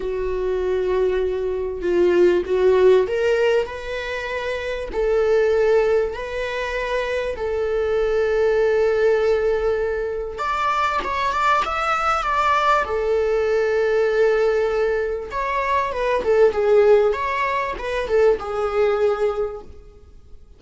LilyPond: \new Staff \with { instrumentName = "viola" } { \time 4/4 \tempo 4 = 98 fis'2. f'4 | fis'4 ais'4 b'2 | a'2 b'2 | a'1~ |
a'4 d''4 cis''8 d''8 e''4 | d''4 a'2.~ | a'4 cis''4 b'8 a'8 gis'4 | cis''4 b'8 a'8 gis'2 | }